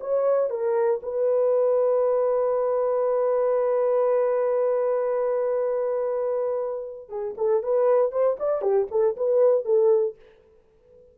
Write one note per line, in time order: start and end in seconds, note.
0.00 0.50 C#5
0.50 1.01 A#4
1.02 7.09 B4
7.09 7.34 G#4
7.37 7.62 A4
7.62 8.11 B4
8.11 8.37 C5
8.39 8.61 D5
8.61 8.87 G4
8.91 9.16 A4
9.16 9.65 B4
9.65 10.16 A4